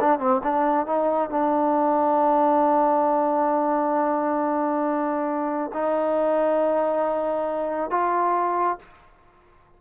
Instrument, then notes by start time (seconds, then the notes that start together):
trombone
0.00 D4
0.19 C4
0.43 D4
0.87 D#4
1.30 D4
5.74 D#4
7.91 F4